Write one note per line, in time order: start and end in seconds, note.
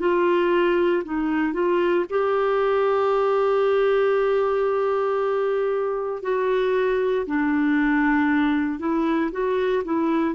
0.00 1.03 F4
1.05 1.54 D#4
1.54 2.05 F4
2.10 6.23 G4
6.23 7.26 F#4
7.26 8.79 D4
8.79 9.31 E4
9.32 9.84 F#4
9.85 10.35 E4